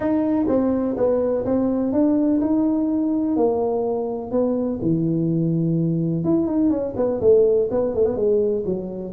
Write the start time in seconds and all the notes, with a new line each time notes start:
0.00 D#4
0.48 C4
0.96 B3
1.45 C4
1.92 D4
2.40 D#4
3.36 A#3
4.31 B3
4.81 E3
6.24 E4
6.46 D#4
6.70 C#4
6.96 B3
7.20 A3
7.70 B3
7.94 A3
8.05 B3
8.16 G#3
8.65 F#3